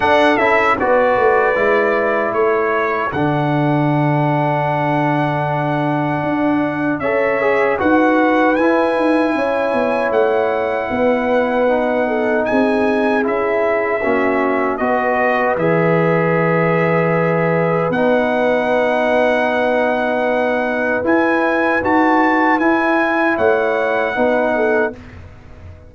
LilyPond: <<
  \new Staff \with { instrumentName = "trumpet" } { \time 4/4 \tempo 4 = 77 fis''8 e''8 d''2 cis''4 | fis''1~ | fis''4 e''4 fis''4 gis''4~ | gis''4 fis''2. |
gis''4 e''2 dis''4 | e''2. fis''4~ | fis''2. gis''4 | a''4 gis''4 fis''2 | }
  \new Staff \with { instrumentName = "horn" } { \time 4/4 a'4 b'2 a'4~ | a'1~ | a'4 cis''4 b'2 | cis''2 b'4. a'8 |
gis'2 fis'4 b'4~ | b'1~ | b'1~ | b'2 cis''4 b'8 a'8 | }
  \new Staff \with { instrumentName = "trombone" } { \time 4/4 d'8 e'8 fis'4 e'2 | d'1~ | d'4 a'8 gis'8 fis'4 e'4~ | e'2. dis'4~ |
dis'4 e'4 cis'4 fis'4 | gis'2. dis'4~ | dis'2. e'4 | fis'4 e'2 dis'4 | }
  \new Staff \with { instrumentName = "tuba" } { \time 4/4 d'8 cis'8 b8 a8 gis4 a4 | d1 | d'4 cis'4 dis'4 e'8 dis'8 | cis'8 b8 a4 b2 |
c'4 cis'4 ais4 b4 | e2. b4~ | b2. e'4 | dis'4 e'4 a4 b4 | }
>>